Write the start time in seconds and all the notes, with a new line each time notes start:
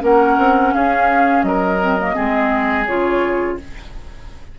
0.00 A#3 C#4 A#4 F#5
0.37 C4
0.74 C#4 G#4 F5
1.43 F#3 A#4 D#5
1.79 C4
1.99 A#3
2.14 G#3 C4 G#4
2.86 C#3 F4 C#5